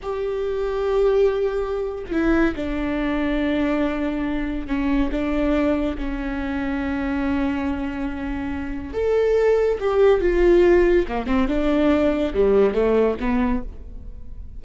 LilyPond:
\new Staff \with { instrumentName = "viola" } { \time 4/4 \tempo 4 = 141 g'1~ | g'8. f'16 e'4 d'2~ | d'2. cis'4 | d'2 cis'2~ |
cis'1~ | cis'4 a'2 g'4 | f'2 ais8 c'8 d'4~ | d'4 g4 a4 b4 | }